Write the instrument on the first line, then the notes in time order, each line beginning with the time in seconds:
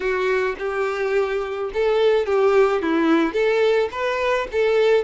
violin
0.00 F#4
0.58 G4
1.73 A4
2.26 G4
2.82 E4
3.33 A4
3.91 B4
4.51 A4